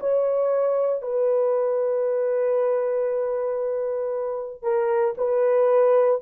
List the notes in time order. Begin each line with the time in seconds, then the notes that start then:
0.00 C#5
1.02 B4
4.63 A#4
5.18 B4